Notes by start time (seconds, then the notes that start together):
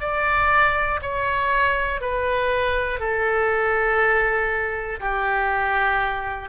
0.00 D5
1.02 C#5
2.00 B4
3.00 A4
5.00 G4